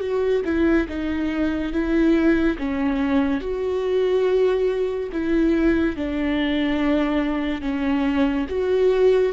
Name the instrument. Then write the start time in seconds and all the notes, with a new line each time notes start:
viola
0.00 F#4
0.45 E4
0.88 D#4
1.72 E4
2.58 C#4
3.41 F#4
5.12 E4
5.96 D4
7.61 C#4
8.49 F#4